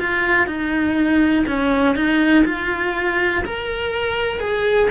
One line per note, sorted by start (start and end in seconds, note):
0.00 0.47 F4
0.47 1.45 D#4
1.48 1.96 C#4
1.96 2.45 D#4
2.45 3.43 F4
3.45 4.40 A#4
4.40 4.90 G#4